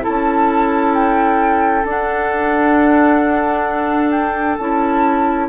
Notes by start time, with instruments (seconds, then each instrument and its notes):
0.00 clarinet E4, oboe A4, flute A5
0.08 bassoon C#4
0.94 flute G5
1.84 bassoon D4, clarinet D4, flute F#5
4.11 flute G5
4.57 bassoon C#4, clarinet E4, flute A5